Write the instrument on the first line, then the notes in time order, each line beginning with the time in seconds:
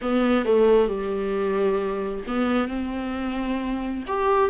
viola
0.01 B3
0.45 A3
0.88 G3
2.27 B3
2.68 C4
4.07 G4